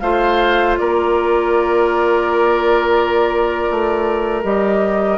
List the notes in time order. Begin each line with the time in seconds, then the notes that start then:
0.00 A3 F4 C5 F5
0.78 A#3 A#4 D5
3.71 A3
4.44 G3 G4 D#5